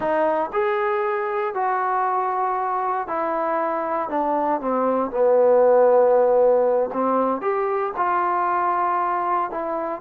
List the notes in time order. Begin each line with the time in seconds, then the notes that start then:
0.00 D#4
0.52 G#4
1.54 F#4
3.07 E4
4.09 D4
4.60 C4
5.10 B3
6.93 C4
7.41 G4
7.97 F4
9.51 E4